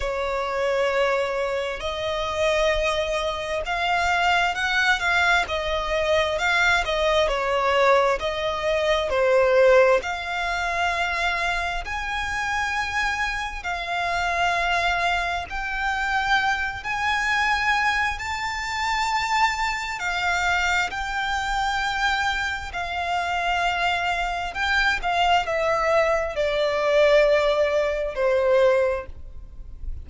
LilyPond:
\new Staff \with { instrumentName = "violin" } { \time 4/4 \tempo 4 = 66 cis''2 dis''2 | f''4 fis''8 f''8 dis''4 f''8 dis''8 | cis''4 dis''4 c''4 f''4~ | f''4 gis''2 f''4~ |
f''4 g''4. gis''4. | a''2 f''4 g''4~ | g''4 f''2 g''8 f''8 | e''4 d''2 c''4 | }